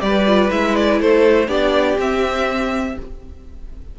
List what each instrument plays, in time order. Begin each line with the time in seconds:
0.00 cello G3, viola G4, violin B4 D5
0.27 viola F4
0.50 cello G#3, viola E4, violin E5
0.76 violin D5
1.01 cello A3, violin A4 C5
1.48 cello B3, viola D4, violin G4 D5
1.98 cello C4, viola C4, violin E5